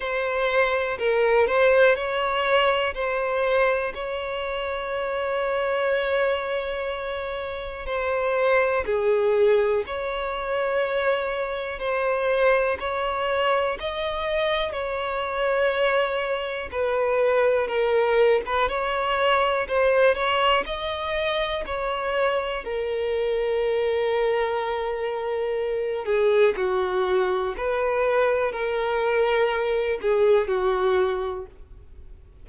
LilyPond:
\new Staff \with { instrumentName = "violin" } { \time 4/4 \tempo 4 = 61 c''4 ais'8 c''8 cis''4 c''4 | cis''1 | c''4 gis'4 cis''2 | c''4 cis''4 dis''4 cis''4~ |
cis''4 b'4 ais'8. b'16 cis''4 | c''8 cis''8 dis''4 cis''4 ais'4~ | ais'2~ ais'8 gis'8 fis'4 | b'4 ais'4. gis'8 fis'4 | }